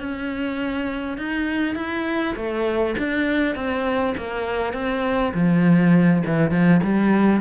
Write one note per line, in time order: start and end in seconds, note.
0.00 1.18 C#4
1.18 1.76 D#4
1.76 2.35 E4
2.36 2.96 A3
2.99 3.55 D4
3.55 4.15 C4
4.17 4.74 A#3
4.74 5.33 C4
5.34 6.23 F3
6.26 6.51 E3
6.51 6.81 F3
6.83 7.41 G3